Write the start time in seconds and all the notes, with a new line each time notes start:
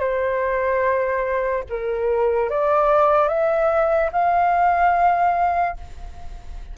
0.00 C5
1.70 A#4
2.50 D5
3.29 E5
4.12 F5